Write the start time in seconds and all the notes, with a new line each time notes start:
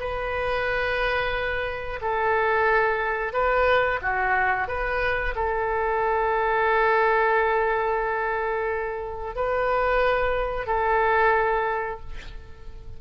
0.00 B4
2.02 A4
3.33 B4
4.02 F#4
4.68 B4
5.35 A4
9.36 B4
10.67 A4